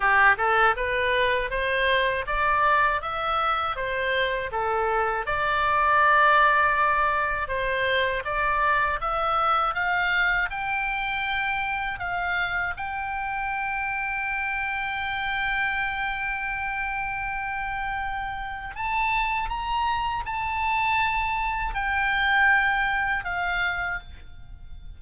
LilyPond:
\new Staff \with { instrumentName = "oboe" } { \time 4/4 \tempo 4 = 80 g'8 a'8 b'4 c''4 d''4 | e''4 c''4 a'4 d''4~ | d''2 c''4 d''4 | e''4 f''4 g''2 |
f''4 g''2.~ | g''1~ | g''4 a''4 ais''4 a''4~ | a''4 g''2 f''4 | }